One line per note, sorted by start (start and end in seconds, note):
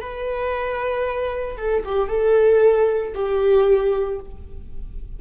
0.00 1.57 B4
1.57 1.83 A4
1.84 2.08 G4
2.08 3.13 A4
3.14 4.19 G4